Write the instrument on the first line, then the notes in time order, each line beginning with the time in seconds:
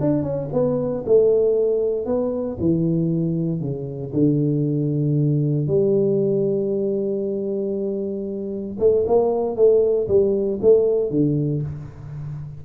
tuba
0.00 D4
0.23 C#4
0.52 B3
1.06 A3
2.05 B3
2.60 E3
3.60 C#3
4.13 D3
5.67 G3
8.79 A3
9.07 A#3
9.56 A3
10.08 G3
10.61 A3
11.10 D3